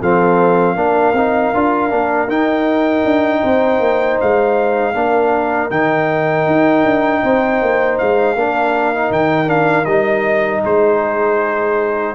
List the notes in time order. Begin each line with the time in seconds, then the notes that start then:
0.00 F3 C4 A4 F5
0.75 A#3 D4 A#4
1.13 C4 D#4
1.54 D4 F4
1.89 A#3 D4
2.27 D#4 G5
3.04 D4
3.41 C4 C5
3.79 A#3
4.20 G#3 F5
4.94 A#3 D4 A#4
5.70 D#3 D#4 G5
6.46 D#4
6.84 D4
7.22 C4 C5
7.61 A#3
7.98 G#3 F5
8.34 A#3 D4 A#4
8.94 D#4
9.11 D#3 G5
9.46 D4 F5
9.85 G3 D#4 D#5
10.64 G#3 G#4 C5